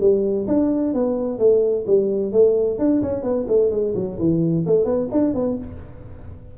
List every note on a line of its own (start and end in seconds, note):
0.00 0.47 G3
0.47 0.94 D4
0.94 1.38 B3
1.38 1.85 A3
1.86 2.32 G3
2.32 2.78 A3
2.78 3.01 D4
3.02 3.23 C#4
3.23 3.46 B3
3.48 3.70 A3
3.70 3.93 G#3
3.95 4.18 F#3
4.18 4.65 E3
4.66 4.85 A3
4.85 5.08 B3
5.11 5.34 D4
5.34 5.57 B3